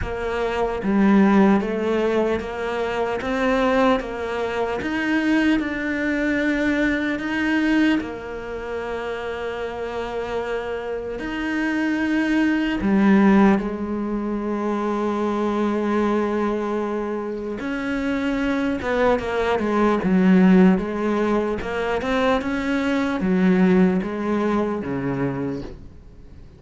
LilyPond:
\new Staff \with { instrumentName = "cello" } { \time 4/4 \tempo 4 = 75 ais4 g4 a4 ais4 | c'4 ais4 dis'4 d'4~ | d'4 dis'4 ais2~ | ais2 dis'2 |
g4 gis2.~ | gis2 cis'4. b8 | ais8 gis8 fis4 gis4 ais8 c'8 | cis'4 fis4 gis4 cis4 | }